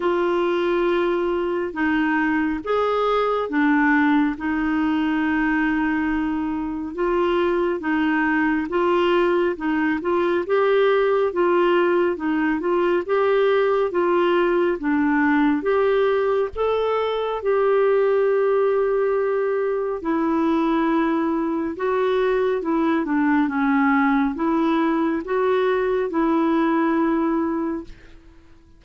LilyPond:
\new Staff \with { instrumentName = "clarinet" } { \time 4/4 \tempo 4 = 69 f'2 dis'4 gis'4 | d'4 dis'2. | f'4 dis'4 f'4 dis'8 f'8 | g'4 f'4 dis'8 f'8 g'4 |
f'4 d'4 g'4 a'4 | g'2. e'4~ | e'4 fis'4 e'8 d'8 cis'4 | e'4 fis'4 e'2 | }